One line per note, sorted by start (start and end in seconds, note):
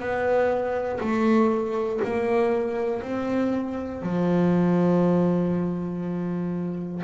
0.00 1.00 B3
1.00 2.00 A3
2.05 3.03 A#3
3.03 4.03 C4
4.03 7.03 F3